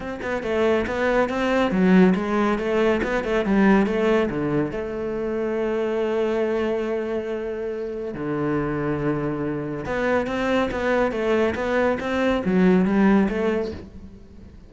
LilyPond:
\new Staff \with { instrumentName = "cello" } { \time 4/4 \tempo 4 = 140 c'8 b8 a4 b4 c'4 | fis4 gis4 a4 b8 a8 | g4 a4 d4 a4~ | a1~ |
a2. d4~ | d2. b4 | c'4 b4 a4 b4 | c'4 fis4 g4 a4 | }